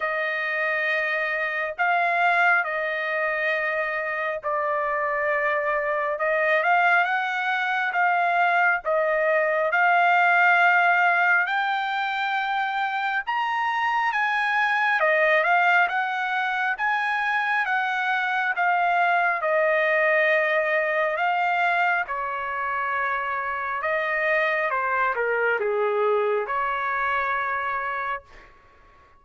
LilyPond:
\new Staff \with { instrumentName = "trumpet" } { \time 4/4 \tempo 4 = 68 dis''2 f''4 dis''4~ | dis''4 d''2 dis''8 f''8 | fis''4 f''4 dis''4 f''4~ | f''4 g''2 ais''4 |
gis''4 dis''8 f''8 fis''4 gis''4 | fis''4 f''4 dis''2 | f''4 cis''2 dis''4 | c''8 ais'8 gis'4 cis''2 | }